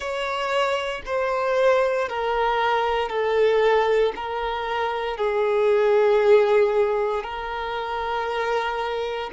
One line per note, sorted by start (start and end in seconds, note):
0.00 1.02 C#5
1.05 2.08 C5
2.08 3.09 A#4
3.09 4.12 A4
4.15 5.17 A#4
5.17 7.23 G#4
7.23 9.30 A#4